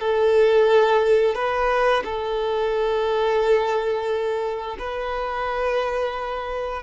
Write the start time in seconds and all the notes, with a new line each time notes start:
0.00 A4
1.35 B4
2.04 A4
4.79 B4